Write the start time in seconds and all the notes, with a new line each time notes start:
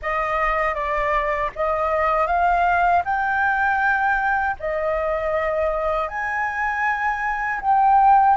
0.02 D#5
0.74 D5
1.55 D#5
2.26 F5
3.04 G5
4.59 D#5
6.08 G#5
7.61 G5